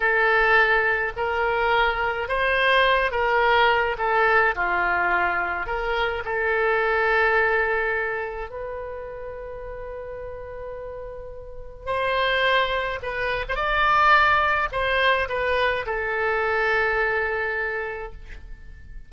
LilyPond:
\new Staff \with { instrumentName = "oboe" } { \time 4/4 \tempo 4 = 106 a'2 ais'2 | c''4. ais'4. a'4 | f'2 ais'4 a'4~ | a'2. b'4~ |
b'1~ | b'4 c''2 b'8. c''16 | d''2 c''4 b'4 | a'1 | }